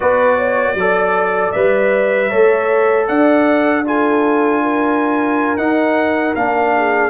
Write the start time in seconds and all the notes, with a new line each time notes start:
0.00 B3 F#4 B4 D5
0.37 C#5
0.74 F#3 A4 D5
1.51 G3 B4 E5
2.28 A3 A4 C#5
3.07 D4 D5 F#5
3.84 F4 A4 G#5
4.62 A#4
5.57 D#4 F#5
6.35 A#3 D4 F5
6.76 G#4